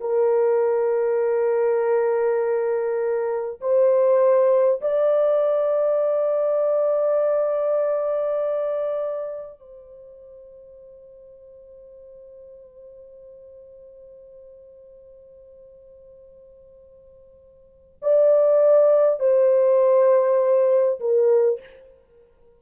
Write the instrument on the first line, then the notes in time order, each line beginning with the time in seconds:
horn
0.00 A#4
3.61 C5
4.81 D5
9.59 C5
18.02 D5
19.19 C5
21.00 A#4